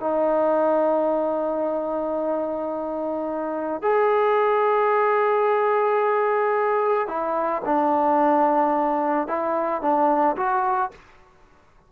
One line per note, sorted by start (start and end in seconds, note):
0.00 3.82 D#4
3.82 7.08 G#4
7.08 7.62 E4
7.65 9.28 D4
9.28 9.82 E4
9.82 10.36 D4
10.36 10.91 F#4